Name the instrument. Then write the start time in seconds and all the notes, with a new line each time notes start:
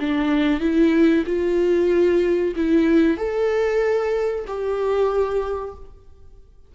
viola
0.00 D4
0.60 E4
1.26 F4
2.56 E4
3.17 A4
4.47 G4